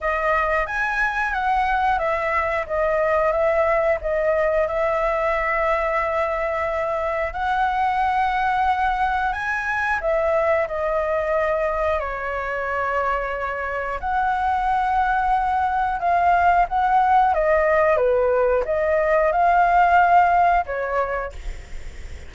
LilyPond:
\new Staff \with { instrumentName = "flute" } { \time 4/4 \tempo 4 = 90 dis''4 gis''4 fis''4 e''4 | dis''4 e''4 dis''4 e''4~ | e''2. fis''4~ | fis''2 gis''4 e''4 |
dis''2 cis''2~ | cis''4 fis''2. | f''4 fis''4 dis''4 b'4 | dis''4 f''2 cis''4 | }